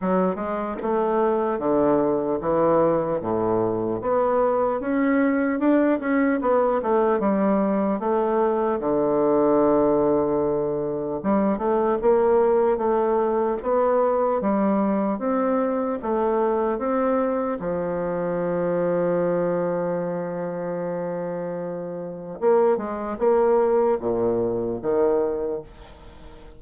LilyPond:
\new Staff \with { instrumentName = "bassoon" } { \time 4/4 \tempo 4 = 75 fis8 gis8 a4 d4 e4 | a,4 b4 cis'4 d'8 cis'8 | b8 a8 g4 a4 d4~ | d2 g8 a8 ais4 |
a4 b4 g4 c'4 | a4 c'4 f2~ | f1 | ais8 gis8 ais4 ais,4 dis4 | }